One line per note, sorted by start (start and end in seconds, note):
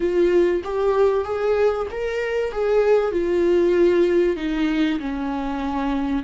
0.00 0.62 F4
0.64 1.24 G4
1.24 1.87 G#4
1.90 2.52 A#4
2.52 3.11 G#4
3.11 4.36 F4
4.36 4.99 D#4
4.99 6.23 C#4